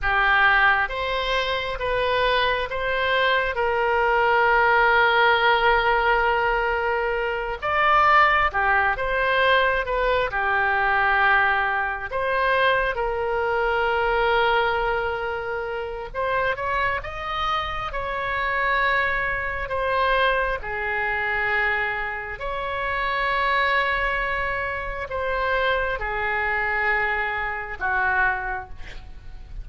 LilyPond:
\new Staff \with { instrumentName = "oboe" } { \time 4/4 \tempo 4 = 67 g'4 c''4 b'4 c''4 | ais'1~ | ais'8 d''4 g'8 c''4 b'8 g'8~ | g'4. c''4 ais'4.~ |
ais'2 c''8 cis''8 dis''4 | cis''2 c''4 gis'4~ | gis'4 cis''2. | c''4 gis'2 fis'4 | }